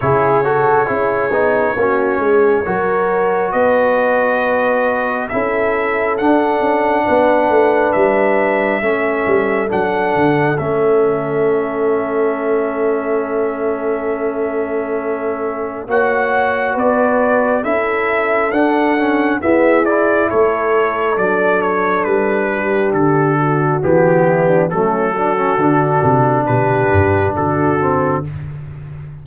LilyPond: <<
  \new Staff \with { instrumentName = "trumpet" } { \time 4/4 \tempo 4 = 68 cis''1 | dis''2 e''4 fis''4~ | fis''4 e''2 fis''4 | e''1~ |
e''2 fis''4 d''4 | e''4 fis''4 e''8 d''8 cis''4 | d''8 cis''8 b'4 a'4 g'4 | a'2 b'4 a'4 | }
  \new Staff \with { instrumentName = "horn" } { \time 4/4 gis'8 a'8 gis'4 fis'8 gis'8 ais'4 | b'2 a'2 | b'2 a'2~ | a'1~ |
a'2 cis''4 b'4 | a'2 gis'4 a'4~ | a'4. g'4 fis'4 e'16 d'16 | cis'8 fis'4. g'4 fis'4 | }
  \new Staff \with { instrumentName = "trombone" } { \time 4/4 e'8 fis'8 e'8 dis'8 cis'4 fis'4~ | fis'2 e'4 d'4~ | d'2 cis'4 d'4 | cis'1~ |
cis'2 fis'2 | e'4 d'8 cis'8 b8 e'4. | d'2. b4 | a8 d'16 cis'16 d'2~ d'8 c'8 | }
  \new Staff \with { instrumentName = "tuba" } { \time 4/4 cis4 cis'8 b8 ais8 gis8 fis4 | b2 cis'4 d'8 cis'8 | b8 a8 g4 a8 g8 fis8 d8 | a1~ |
a2 ais4 b4 | cis'4 d'4 e'4 a4 | fis4 g4 d4 e4 | fis4 d8 c8 b,8 g,8 d4 | }
>>